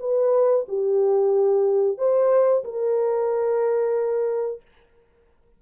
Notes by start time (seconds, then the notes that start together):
0.00 B4
0.68 G4
1.98 C5
2.64 A#4